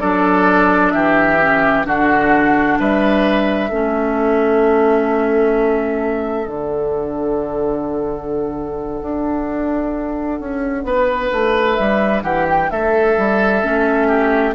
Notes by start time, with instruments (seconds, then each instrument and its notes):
0.00 bassoon F#3, clarinet D4, oboe A4, flute D5
0.91 bassoon E3, oboe G4, flute E5
1.41 clarinet C#4
1.85 bassoon D3, clarinet D4, oboe F#4, flute F#5
2.79 bassoon G3, oboe B4, flute E5
3.70 bassoon A3, clarinet C#4, oboe A4
6.46 bassoon D3, clarinet D4, flute F#5
9.02 bassoon D4
10.40 bassoon C#4
10.84 bassoon B3, oboe B4
11.32 bassoon A3
11.75 bassoon G3, flute E5
12.23 bassoon E3, oboe G4, flute F#5
12.50 flute G5
12.71 bassoon A3, oboe A4, flute E5
13.18 bassoon G3
13.62 bassoon A3, clarinet C#4
14.08 oboe G4